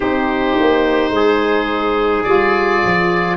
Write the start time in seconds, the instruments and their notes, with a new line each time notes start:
0.00 tuba C4, saxophone D#4, trumpet G4, oboe C5
0.59 tuba A#3
1.10 tuba G#3, trumpet G#4
2.23 tuba G3, saxophone F4, oboe D5
2.84 tuba F3